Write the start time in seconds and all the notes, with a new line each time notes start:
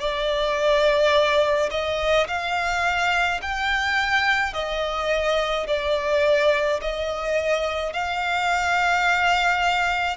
0.00 D5
1.71 D#5
2.27 F5
3.42 G5
4.54 D#5
5.67 D5
6.82 D#5
7.93 F5